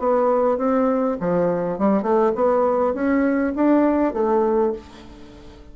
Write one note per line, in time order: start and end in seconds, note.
0.00 0.58 B3
0.58 1.18 C4
1.20 1.79 F3
1.79 2.03 G3
2.03 2.32 A3
2.36 2.94 B3
2.94 3.54 C#4
3.56 4.14 D4
4.14 4.73 A3